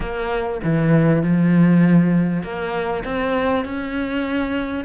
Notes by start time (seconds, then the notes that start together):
0.00 A#3
0.63 E3
1.22 F3
2.43 A#3
3.04 C4
3.64 C#4